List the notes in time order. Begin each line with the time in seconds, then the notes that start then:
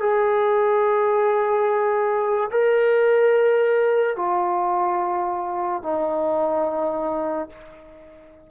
0.00 G#4
2.51 A#4
4.16 F4
5.82 D#4